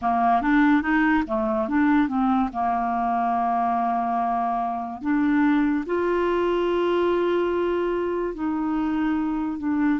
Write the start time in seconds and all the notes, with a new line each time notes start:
0.01 A#3
0.41 D4
0.81 D#4
1.27 A3
1.68 D4
2.08 C4
2.52 A#3
5.01 D4
5.85 F4
8.34 D#4
9.58 D4